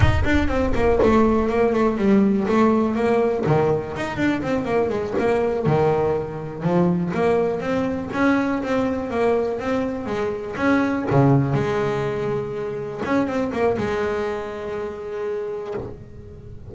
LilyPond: \new Staff \with { instrumentName = "double bass" } { \time 4/4 \tempo 4 = 122 dis'8 d'8 c'8 ais8 a4 ais8 a8 | g4 a4 ais4 dis4 | dis'8 d'8 c'8 ais8 gis8 ais4 dis8~ | dis4. f4 ais4 c'8~ |
c'8 cis'4 c'4 ais4 c'8~ | c'8 gis4 cis'4 cis4 gis8~ | gis2~ gis8 cis'8 c'8 ais8 | gis1 | }